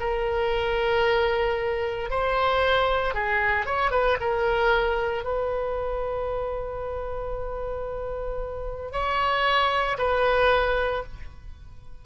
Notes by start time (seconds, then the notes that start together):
0.00 A#4
2.10 C5
3.14 G#4
3.66 C#5
3.91 B4
4.20 A#4
5.24 B4
8.93 C#5
9.98 B4